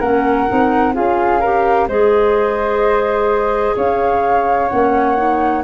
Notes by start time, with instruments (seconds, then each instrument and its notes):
0.00 tuba A#3, clarinet C#4, flute A#4 F#5
0.49 tuba C4, clarinet D#4
0.94 tuba C#4, clarinet F4, flute G#4 F5
1.41 clarinet G4, flute A#4
1.88 tuba G#3, clarinet G#4, flute C5 D#5
3.77 tuba C#4, flute C#5 F5
4.69 tuba A#3, clarinet C#4, flute F#5
5.17 clarinet D#4